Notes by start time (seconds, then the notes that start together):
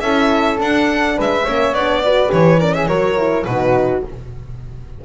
0.00 C#4 E4 A4 E5
0.57 D4 F#5
1.16 G#3 B4 E5
1.44 A#3 C#4 C#5
1.73 B3 D4 D5
2.04 F#4 B4
2.28 E3 G4 C#5
2.60 C#4 A#4 D5
2.74 G#4 E5
2.87 F#3 F#4 A#4 C#5
3.17 E4
3.44 B2 D#4 F#4 B4